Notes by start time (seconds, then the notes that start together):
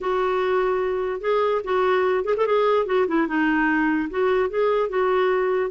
0.00 F#4
1.20 G#4
1.64 F#4
2.24 G#4
2.36 A4
2.46 G#4
2.86 F#4
3.07 E4
3.27 D#4
4.10 F#4
4.49 G#4
4.89 F#4